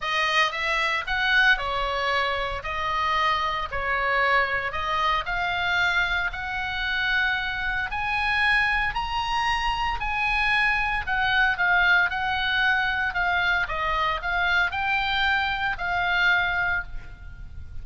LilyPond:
\new Staff \with { instrumentName = "oboe" } { \time 4/4 \tempo 4 = 114 dis''4 e''4 fis''4 cis''4~ | cis''4 dis''2 cis''4~ | cis''4 dis''4 f''2 | fis''2. gis''4~ |
gis''4 ais''2 gis''4~ | gis''4 fis''4 f''4 fis''4~ | fis''4 f''4 dis''4 f''4 | g''2 f''2 | }